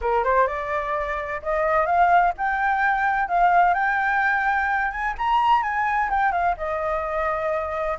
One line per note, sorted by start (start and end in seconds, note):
0.01 0.24 A#4
0.24 0.47 C5
0.47 1.41 D5
1.42 1.86 D#5
1.86 2.32 F5
2.37 3.28 G5
3.28 3.74 F5
3.74 4.91 G5
4.91 5.14 G#5
5.18 5.62 A#5
5.62 6.09 G#5
6.10 6.32 G5
6.32 6.55 F5
6.57 7.98 D#5